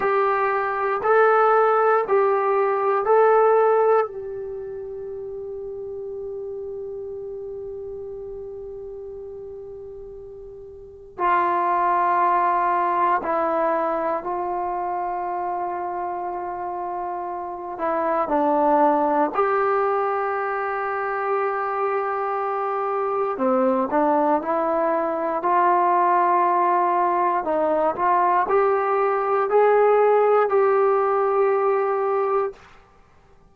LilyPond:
\new Staff \with { instrumentName = "trombone" } { \time 4/4 \tempo 4 = 59 g'4 a'4 g'4 a'4 | g'1~ | g'2. f'4~ | f'4 e'4 f'2~ |
f'4. e'8 d'4 g'4~ | g'2. c'8 d'8 | e'4 f'2 dis'8 f'8 | g'4 gis'4 g'2 | }